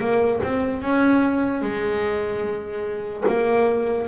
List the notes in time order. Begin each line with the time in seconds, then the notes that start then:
0.00 A#3
0.43 C4
0.81 C#4
1.62 G#3
3.27 A#3